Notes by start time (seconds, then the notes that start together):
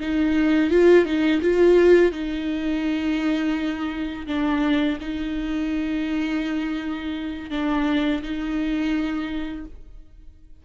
0.00 D#4
0.70 F4
1.05 D#4
1.42 F4
2.12 D#4
4.27 D4
5.00 D#4
7.51 D4
8.22 D#4